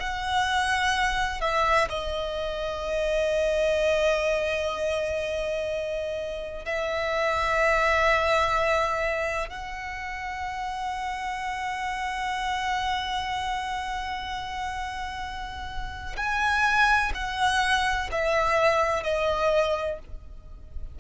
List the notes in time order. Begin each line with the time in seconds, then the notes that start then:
0.00 F#5
1.41 E5
1.90 D#5
6.65 E5
9.49 F#5
16.17 G#5
17.15 F#5
18.12 E5
19.03 D#5